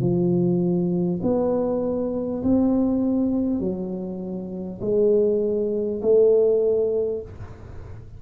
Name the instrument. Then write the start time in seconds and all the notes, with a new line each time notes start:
tuba
0.00 F3
1.22 B3
2.43 C4
3.59 F#3
4.81 G#3
6.02 A3